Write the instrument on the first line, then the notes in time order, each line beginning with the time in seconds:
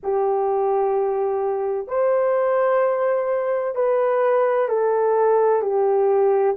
horn
0.03 G4
1.87 C5
3.75 B4
4.68 A4
5.62 G4